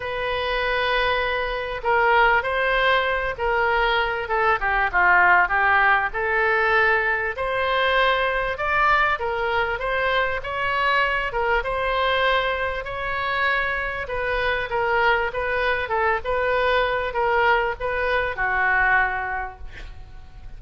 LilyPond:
\new Staff \with { instrumentName = "oboe" } { \time 4/4 \tempo 4 = 98 b'2. ais'4 | c''4. ais'4. a'8 g'8 | f'4 g'4 a'2 | c''2 d''4 ais'4 |
c''4 cis''4. ais'8 c''4~ | c''4 cis''2 b'4 | ais'4 b'4 a'8 b'4. | ais'4 b'4 fis'2 | }